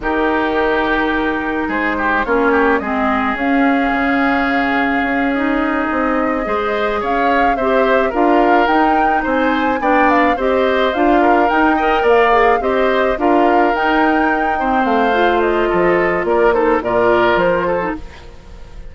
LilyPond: <<
  \new Staff \with { instrumentName = "flute" } { \time 4/4 \tempo 4 = 107 ais'2. c''4 | cis''4 dis''4 f''2~ | f''4. dis''2~ dis''8~ | dis''8 f''4 e''4 f''4 g''8~ |
g''8 gis''4 g''8 f''8 dis''4 f''8~ | f''8 g''4 f''4 dis''4 f''8~ | f''8 g''2 f''4 dis''8~ | dis''4 d''8 c''8 d''4 c''4 | }
  \new Staff \with { instrumentName = "oboe" } { \time 4/4 g'2. gis'8 g'8 | f'8 g'8 gis'2.~ | gis'2.~ gis'8 c''8~ | c''8 cis''4 c''4 ais'4.~ |
ais'8 c''4 d''4 c''4. | ais'4 dis''8 d''4 c''4 ais'8~ | ais'2 c''2 | a'4 ais'8 a'8 ais'4. a'8 | }
  \new Staff \with { instrumentName = "clarinet" } { \time 4/4 dis'1 | cis'4 c'4 cis'2~ | cis'4. dis'2 gis'8~ | gis'4. g'4 f'4 dis'8~ |
dis'4. d'4 g'4 f'8~ | f'8 dis'8 ais'4 gis'8 g'4 f'8~ | f'8 dis'4. c'4 f'4~ | f'4. dis'8 f'4.~ f'16 dis'16 | }
  \new Staff \with { instrumentName = "bassoon" } { \time 4/4 dis2. gis4 | ais4 gis4 cis'4 cis4~ | cis4 cis'4. c'4 gis8~ | gis8 cis'4 c'4 d'4 dis'8~ |
dis'8 c'4 b4 c'4 d'8~ | d'8 dis'4 ais4 c'4 d'8~ | d'8 dis'2 a4. | f4 ais4 ais,4 f4 | }
>>